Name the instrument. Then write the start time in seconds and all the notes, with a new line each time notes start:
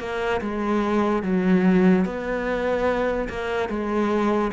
cello
0.00 A#3
0.41 G#3
1.23 F#3
2.05 B3
3.30 A#3
3.69 G#3